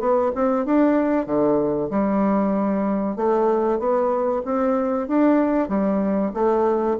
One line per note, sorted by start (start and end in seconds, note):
0.00 0.32 B3
0.35 0.65 C4
0.65 1.26 D4
1.26 1.89 D3
1.90 3.16 G3
3.16 3.79 A3
3.79 4.42 B3
4.45 5.08 C4
5.08 5.69 D4
5.69 6.32 G3
6.34 6.97 A3